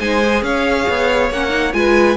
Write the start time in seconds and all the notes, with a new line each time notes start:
0.00 G#3 D#4 C5 G#5
0.23 G#4
0.42 C#4 C#5 F5
0.89 B3
1.30 A#3 C#4 F#5
1.50 D#4
1.73 G#3 F4 B4 G#5